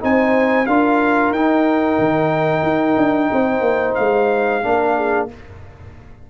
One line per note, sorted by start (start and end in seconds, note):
0.00 0.67 C4
0.00 0.66 D#4
0.00 0.67 C5
0.00 0.66 G#5
0.66 1.31 D4
0.66 1.35 F4
0.66 3.31 A#4
0.66 1.32 F5
1.31 1.97 D#4
1.31 4.62 D#4
1.31 3.95 G5
1.99 2.63 D#3
2.63 2.96 D#4
2.97 3.30 D4
3.33 3.61 C4
3.33 4.65 C5
3.61 3.94 A#3
3.95 4.64 G#3
3.95 5.26 F5
4.62 5.30 A#3
4.62 5.28 D4
4.62 4.96 A#4
4.96 5.29 G#4